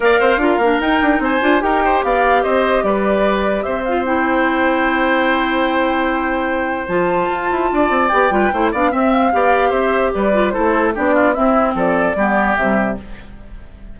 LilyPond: <<
  \new Staff \with { instrumentName = "flute" } { \time 4/4 \tempo 4 = 148 f''2 g''4 gis''4 | g''4 f''4 dis''4 d''4~ | d''4 e''8 f''8 g''2~ | g''1~ |
g''4 a''2. | g''4. f''8 e''8 f''4. | e''4 d''4 c''4 d''4 | e''4 d''2 e''4 | }
  \new Staff \with { instrumentName = "oboe" } { \time 4/4 d''8 c''8 ais'2 c''4 | ais'8 c''8 d''4 c''4 b'4~ | b'4 c''2.~ | c''1~ |
c''2. d''4~ | d''8 b'8 c''8 d''8 e''4 d''4 | c''4 b'4 a'4 g'8 f'8 | e'4 a'4 g'2 | }
  \new Staff \with { instrumentName = "clarinet" } { \time 4/4 ais'4 f'8 d'8 dis'4. f'8 | g'1~ | g'4. f'8 e'2~ | e'1~ |
e'4 f'2. | g'8 f'8 e'8 d'8 c'4 g'4~ | g'4. f'8 e'4 d'4 | c'2 b4 g4 | }
  \new Staff \with { instrumentName = "bassoon" } { \time 4/4 ais8 c'8 d'8 ais8 dis'8 d'8 c'8 d'8 | dis'4 b4 c'4 g4~ | g4 c'2.~ | c'1~ |
c'4 f4 f'8 e'8 d'8 c'8 | b8 g8 a8 b8 c'4 b4 | c'4 g4 a4 b4 | c'4 f4 g4 c4 | }
>>